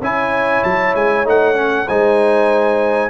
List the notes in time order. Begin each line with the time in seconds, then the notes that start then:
0.00 C#4 E4 C#5 G#5
0.63 F#3 A5
0.94 G#3 G#5
1.24 A3 D#4 F#5
1.54 C#4
1.86 G#3 D#4 C5 G#5